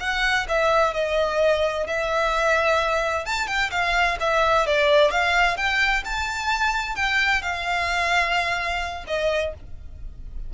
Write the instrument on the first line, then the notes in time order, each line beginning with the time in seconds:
violin
0.00 F#5
0.48 E5
0.94 D#5
1.87 E5
3.26 A5
3.47 G5
3.71 F5
4.20 E5
4.67 D5
5.11 F5
5.57 G5
6.05 A5
6.96 G5
7.42 F5
9.07 D#5